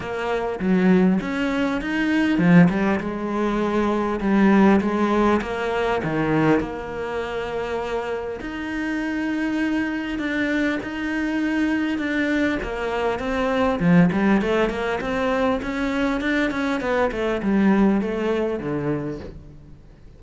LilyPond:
\new Staff \with { instrumentName = "cello" } { \time 4/4 \tempo 4 = 100 ais4 fis4 cis'4 dis'4 | f8 g8 gis2 g4 | gis4 ais4 dis4 ais4~ | ais2 dis'2~ |
dis'4 d'4 dis'2 | d'4 ais4 c'4 f8 g8 | a8 ais8 c'4 cis'4 d'8 cis'8 | b8 a8 g4 a4 d4 | }